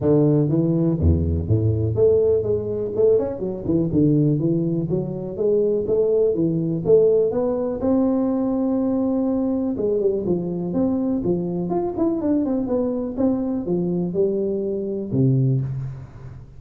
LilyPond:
\new Staff \with { instrumentName = "tuba" } { \time 4/4 \tempo 4 = 123 d4 e4 e,4 a,4 | a4 gis4 a8 cis'8 fis8 e8 | d4 e4 fis4 gis4 | a4 e4 a4 b4 |
c'1 | gis8 g8 f4 c'4 f4 | f'8 e'8 d'8 c'8 b4 c'4 | f4 g2 c4 | }